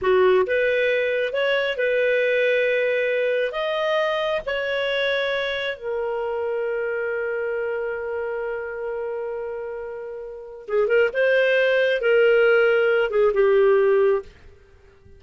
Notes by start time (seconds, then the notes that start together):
0.01 F#4
0.46 B4
1.33 C#5
1.77 B4
3.52 D#5
4.46 C#5
5.77 A#4
10.67 G#4
10.87 A#4
11.13 C5
12.01 A#4
13.10 G#4
13.33 G4